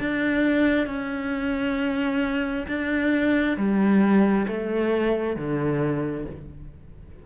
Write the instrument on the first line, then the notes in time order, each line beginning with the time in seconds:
cello
0.00 D4
0.87 C#4
2.68 D4
3.57 G3
4.48 A3
5.36 D3